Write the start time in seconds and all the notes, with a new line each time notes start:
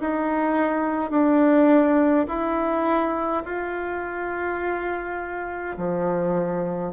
0.00 D#4
1.11 D4
2.28 E4
3.45 F4
5.77 F3